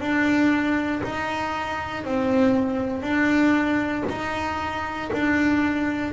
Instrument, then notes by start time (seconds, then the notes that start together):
double bass
0.00 D4
1.03 D#4
2.04 C4
3.02 D4
4.09 D#4
5.12 D4